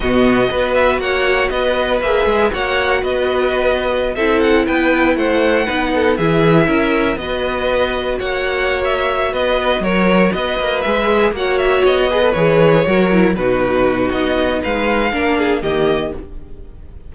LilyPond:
<<
  \new Staff \with { instrumentName = "violin" } { \time 4/4 \tempo 4 = 119 dis''4. e''8 fis''4 dis''4 | e''4 fis''4 dis''2~ | dis''16 e''8 fis''8 g''4 fis''4.~ fis''16~ | fis''16 e''2 dis''4.~ dis''16~ |
dis''16 fis''4~ fis''16 e''4 dis''4 cis''8~ | cis''8 dis''4 e''4 fis''8 e''8 dis''8~ | dis''8 cis''2 b'4. | dis''4 f''2 dis''4 | }
  \new Staff \with { instrumentName = "violin" } { \time 4/4 fis'4 b'4 cis''4 b'4~ | b'4 cis''4 b'2~ | b'16 a'4 b'4 c''4 b'8 a'16~ | a'16 gis'4 ais'4 b'4.~ b'16~ |
b'16 cis''2~ cis''16 b'4 ais'8~ | ais'8 b'2 cis''4. | b'4. ais'4 fis'4.~ | fis'4 b'4 ais'8 gis'8 g'4 | }
  \new Staff \with { instrumentName = "viola" } { \time 4/4 b4 fis'2. | gis'4 fis'2.~ | fis'16 e'2. dis'8.~ | dis'16 e'2 fis'4.~ fis'16~ |
fis'1~ | fis'4. gis'4 fis'4. | gis'16 a'16 gis'4 fis'8 e'8 dis'4.~ | dis'2 d'4 ais4 | }
  \new Staff \with { instrumentName = "cello" } { \time 4/4 b,4 b4 ais4 b4 | ais8 gis8 ais4 b2~ | b16 c'4 b4 a4 b8.~ | b16 e4 cis'4 b4.~ b16~ |
b16 ais2~ ais16 b4 fis8~ | fis8 b8 ais8 gis4 ais4 b8~ | b8 e4 fis4 b,4. | b4 gis4 ais4 dis4 | }
>>